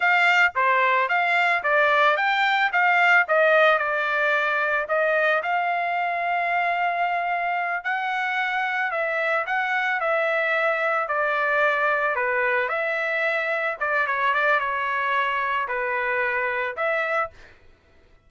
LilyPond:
\new Staff \with { instrumentName = "trumpet" } { \time 4/4 \tempo 4 = 111 f''4 c''4 f''4 d''4 | g''4 f''4 dis''4 d''4~ | d''4 dis''4 f''2~ | f''2~ f''8 fis''4.~ |
fis''8 e''4 fis''4 e''4.~ | e''8 d''2 b'4 e''8~ | e''4. d''8 cis''8 d''8 cis''4~ | cis''4 b'2 e''4 | }